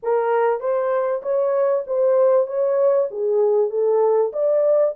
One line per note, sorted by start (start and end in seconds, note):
0.03 0.59 A#4
0.59 1.21 C5
1.22 1.84 C#5
1.86 2.46 C5
2.46 3.08 C#5
3.10 3.69 G#4
3.69 4.31 A4
4.32 4.94 D5